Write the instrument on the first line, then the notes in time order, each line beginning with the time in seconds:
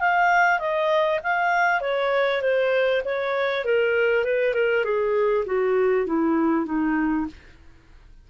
clarinet
0.00 F5
0.59 D#5
1.23 F5
1.81 C#5
2.41 C5
3.05 C#5
3.64 A#4
4.24 B4
4.54 A#4
4.84 G#4
5.46 F#4
6.06 E4
6.65 D#4